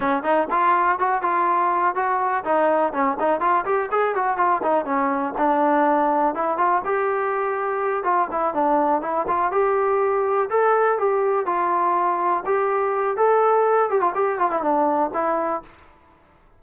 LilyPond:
\new Staff \with { instrumentName = "trombone" } { \time 4/4 \tempo 4 = 123 cis'8 dis'8 f'4 fis'8 f'4. | fis'4 dis'4 cis'8 dis'8 f'8 g'8 | gis'8 fis'8 f'8 dis'8 cis'4 d'4~ | d'4 e'8 f'8 g'2~ |
g'8 f'8 e'8 d'4 e'8 f'8 g'8~ | g'4. a'4 g'4 f'8~ | f'4. g'4. a'4~ | a'8 g'16 f'16 g'8 f'16 e'16 d'4 e'4 | }